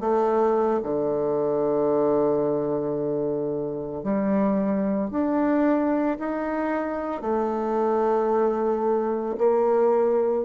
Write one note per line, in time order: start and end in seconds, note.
0.00 0.80 A3
0.83 4.03 D3
4.03 5.10 G3
5.10 6.17 D4
6.19 7.21 D#4
7.21 9.36 A3
9.37 10.45 A#3